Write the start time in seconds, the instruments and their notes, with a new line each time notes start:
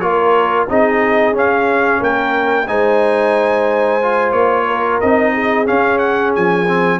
0.00 tuba A#3, trombone F4, horn A#4, trumpet C#5
0.69 tuba C4, trombone D#4, horn G#4, trumpet D#5
1.33 tuba C#4, trombone C#4, trumpet F5
2.00 tuba A#3, horn A#4, trumpet G5
2.68 tuba G#3, trombone D#4, horn C5, trumpet G#5
4.02 trombone F4
4.32 tuba A#3, trumpet C#5
4.66 horn A#4
5.00 tuba C4, trombone D#4, trumpet D#5
5.33 horn G#4
5.66 trombone C#4, tuba C#4, trumpet F5
5.98 trumpet F#5
6.35 tuba F3, trumpet G#5
6.67 trombone C4